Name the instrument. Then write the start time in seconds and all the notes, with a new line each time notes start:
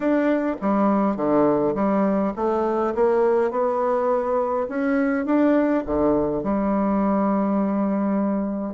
bassoon
0.00 D4
0.61 G3
1.16 D3
1.74 G3
2.35 A3
2.94 A#3
3.50 B3
4.68 C#4
5.25 D4
5.85 D3
6.43 G3